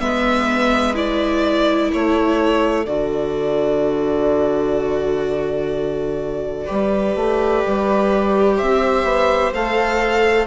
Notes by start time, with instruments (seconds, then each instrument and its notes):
0.00 bassoon G#3, viola B3 B4, violin E5
0.94 viola E4, violin D5
1.90 bassoon A3, viola A4, violin C#5
2.86 bassoon D3, viola F#4, violin D5
6.65 bassoon G3, viola G4 B4
7.16 bassoon A3
7.66 bassoon G3
8.56 bassoon C4, viola C5, violin E5
9.04 bassoon B3
9.54 bassoon A3, viola A4, violin F5